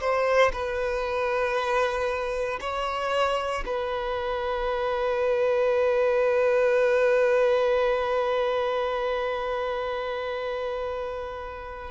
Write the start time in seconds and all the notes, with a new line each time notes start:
0.00 C5
0.53 B4
2.61 C#5
3.66 B4